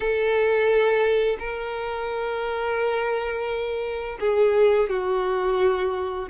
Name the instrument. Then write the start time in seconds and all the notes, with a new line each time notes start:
violin
0.00 A4
1.39 A#4
4.20 G#4
4.89 F#4